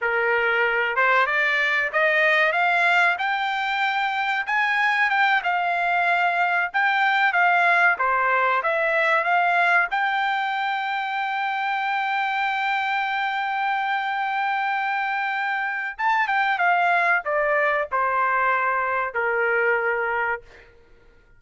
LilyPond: \new Staff \with { instrumentName = "trumpet" } { \time 4/4 \tempo 4 = 94 ais'4. c''8 d''4 dis''4 | f''4 g''2 gis''4 | g''8 f''2 g''4 f''8~ | f''8 c''4 e''4 f''4 g''8~ |
g''1~ | g''1~ | g''4 a''8 g''8 f''4 d''4 | c''2 ais'2 | }